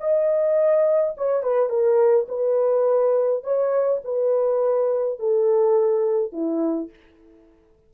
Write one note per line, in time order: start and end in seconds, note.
0.00 1.15 D#5
1.17 1.43 C#5
1.43 1.69 B4
1.69 2.27 A#4
2.28 3.44 B4
3.44 4.01 C#5
4.05 5.19 B4
5.19 6.33 A4
6.33 6.90 E4